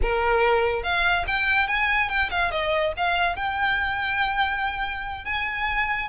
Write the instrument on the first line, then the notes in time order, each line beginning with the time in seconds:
violin
0.02 A#4
0.83 F5
1.27 G5
1.67 G#5
2.09 G5
2.30 F5
2.51 D#5
2.96 F5
3.36 G5
5.24 G#5